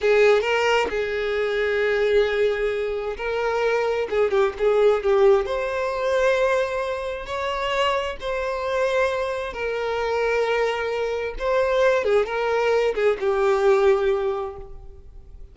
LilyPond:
\new Staff \with { instrumentName = "violin" } { \time 4/4 \tempo 4 = 132 gis'4 ais'4 gis'2~ | gis'2. ais'4~ | ais'4 gis'8 g'8 gis'4 g'4 | c''1 |
cis''2 c''2~ | c''4 ais'2.~ | ais'4 c''4. gis'8 ais'4~ | ais'8 gis'8 g'2. | }